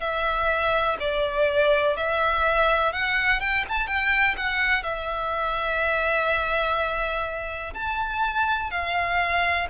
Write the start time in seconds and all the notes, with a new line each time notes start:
0.00 E5
0.99 D5
1.96 E5
2.93 F#5
3.40 G5
3.68 A5
3.87 G5
4.37 F#5
4.83 E5
7.73 A5
8.70 F5